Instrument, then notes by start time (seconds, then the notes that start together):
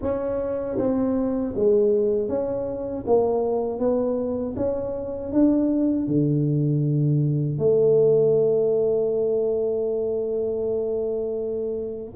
tuba
0.01 C#4
0.78 C4
1.55 G#3
2.28 C#4
3.06 A#3
3.79 B3
4.56 C#4
5.32 D4
6.07 D3
7.58 A3